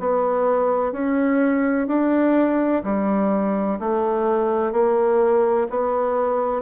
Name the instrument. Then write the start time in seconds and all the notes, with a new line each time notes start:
bassoon
0.00 B3
0.93 C#4
1.88 D4
2.84 G3
3.80 A3
4.73 A#3
5.70 B3